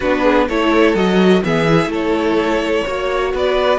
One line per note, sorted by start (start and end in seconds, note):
0.00 0.49 B3
0.00 0.49 D4
0.00 0.23 F#4
0.00 0.47 B4
0.23 0.46 G#4
0.48 0.95 A3
0.48 0.95 E4
0.48 1.43 A4
0.48 0.95 C#5
0.95 1.42 F#3
0.95 1.43 F#4
0.95 1.42 D#5
1.44 1.86 E3
1.44 1.67 B3
1.44 1.91 G#4
1.44 1.92 E5
1.67 2.86 E4
1.86 2.81 A3
1.86 2.85 A4
1.92 3.35 C#5
2.85 3.33 A#3
2.85 3.79 F#4
2.85 3.32 C#5
3.33 3.79 B3
3.33 3.79 B4
3.33 3.79 D5